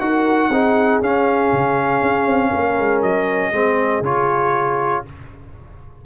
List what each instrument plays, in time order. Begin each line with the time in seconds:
0.00 tuba D#4, trombone F#4, horn A#4, trumpet F#5
0.49 tuba C4, trombone D#4, horn G#4
1.01 tuba C#4, trombone C#4, trumpet F5
1.53 tuba C#3
2.02 tuba C#4
2.27 tuba C4
2.50 tuba A#3, horn A#4
2.79 tuba G#3
3.02 tuba F#3, trumpet D#5
3.52 tuba G#3, trombone C4, horn G#4
4.01 tuba C#3, trombone F4, trumpet C#5